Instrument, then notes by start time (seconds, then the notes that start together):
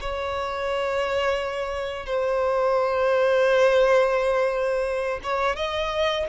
violin
0.00 C#5
2.06 C5
5.23 C#5
5.56 D#5